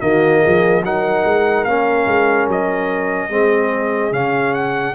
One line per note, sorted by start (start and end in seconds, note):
0.00 0.43 D#3
0.00 0.82 A#3
0.00 0.42 F#4
0.00 0.83 D#5
0.42 0.83 F3
0.42 0.83 G#4
0.83 1.24 F#3
0.83 1.67 D#4
0.83 3.31 A#4
0.83 1.65 F#5
1.25 1.65 G#3
1.65 2.06 A#3
1.65 3.30 C#4
1.65 2.47 F5
2.07 2.48 G#3
2.48 3.30 F#3
2.48 4.13 D#5
3.30 4.12 G#3
3.30 4.12 C4
3.30 4.95 G#4
4.12 4.94 C#3
4.12 4.95 C#4
4.12 4.54 F5
4.54 4.95 F#5